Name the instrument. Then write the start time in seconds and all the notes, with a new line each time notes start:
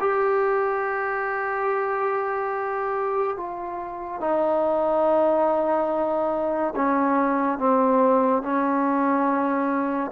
trombone
0.00 G4
3.37 F4
4.21 D#4
6.76 C#4
7.59 C4
8.42 C#4